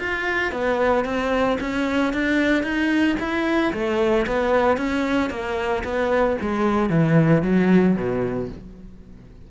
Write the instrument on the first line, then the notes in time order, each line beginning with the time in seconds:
cello
0.00 F4
0.53 B3
1.05 C4
1.61 C#4
2.14 D4
2.64 D#4
3.20 E4
3.74 A3
4.27 B3
4.78 C#4
5.30 A#3
5.84 B3
6.42 G#3
6.90 E3
7.43 F#3
7.96 B2